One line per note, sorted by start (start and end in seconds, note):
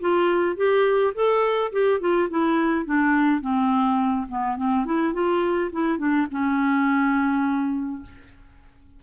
0.00 0.56 F4
0.56 1.13 G4
1.14 1.71 A4
1.72 2.00 G4
2.00 2.28 F4
2.30 2.85 E4
2.85 3.41 D4
3.41 4.27 C4
4.28 4.57 B3
4.57 4.85 C4
4.85 5.13 E4
5.13 5.70 F4
5.72 5.98 E4
5.98 6.27 D4
6.31 8.02 C#4